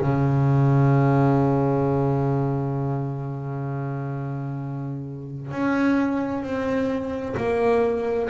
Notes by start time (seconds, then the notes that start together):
0.00 C#3
5.51 C#4
6.43 C4
7.37 A#3